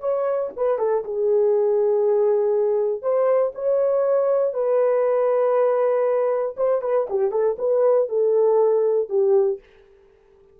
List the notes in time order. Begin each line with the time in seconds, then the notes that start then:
0.00 C#5
0.56 B4
0.78 A4
1.05 G#4
3.02 C5
3.55 C#5
4.54 B4
6.57 C5
6.82 B4
7.10 G4
7.31 A4
7.58 B4
8.09 A4
9.09 G4